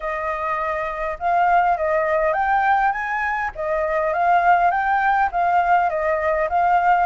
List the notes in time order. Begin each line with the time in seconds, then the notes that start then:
0.00 D#5
1.19 F5
1.77 D#5
2.33 G5
2.91 G#5
3.55 D#5
4.13 F5
4.70 G5
5.31 F5
5.89 D#5
6.49 F5